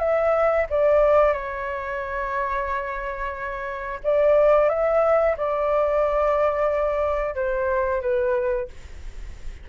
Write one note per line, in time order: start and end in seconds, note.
0.00 0.67 E5
0.70 1.33 D5
1.33 4.00 C#5
4.04 4.69 D5
4.69 5.36 E5
5.38 7.35 D5
7.35 8.02 C5
8.02 8.68 B4